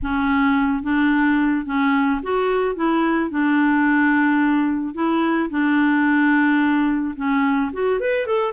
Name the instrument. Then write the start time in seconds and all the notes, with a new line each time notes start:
clarinet
0.02 C#4
0.83 D4
1.65 C#4
2.23 F#4
2.75 E4
3.30 D4
4.94 E4
5.49 D4
7.16 C#4
7.72 F#4
8.00 B4
8.26 A4